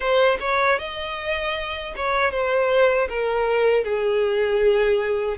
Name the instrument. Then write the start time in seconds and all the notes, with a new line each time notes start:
violin
0.00 C5
0.40 C#5
0.78 D#5
1.95 C#5
2.31 C5
3.08 A#4
3.84 G#4